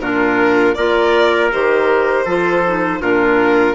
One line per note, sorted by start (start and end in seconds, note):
0.00 0.75 A#2
0.00 0.76 D4
0.00 0.77 F4
0.00 0.75 A#4
0.75 1.52 A#3
0.75 1.52 F4
0.75 2.25 A#4
0.75 1.50 D5
1.52 2.25 D#3
1.52 2.26 G4
1.52 3.01 C5
2.25 3.00 F3
2.25 2.64 F4
2.25 3.00 A4
2.67 3.00 D#4
3.00 3.75 A#2
3.00 3.75 D4
3.00 3.75 F4
3.00 3.75 A#4